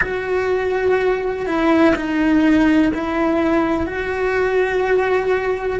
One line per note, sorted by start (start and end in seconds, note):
0.01 1.46 F#4
1.46 1.94 E4
1.95 2.92 D#4
2.93 3.86 E4
3.86 5.79 F#4